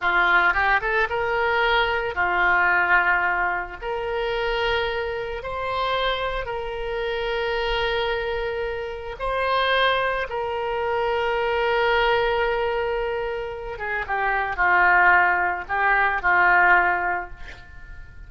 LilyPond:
\new Staff \with { instrumentName = "oboe" } { \time 4/4 \tempo 4 = 111 f'4 g'8 a'8 ais'2 | f'2. ais'4~ | ais'2 c''2 | ais'1~ |
ais'4 c''2 ais'4~ | ais'1~ | ais'4. gis'8 g'4 f'4~ | f'4 g'4 f'2 | }